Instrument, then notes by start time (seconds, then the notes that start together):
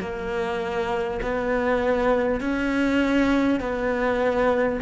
cello
0.00 A#3
1.22 B3
2.40 C#4
3.60 B3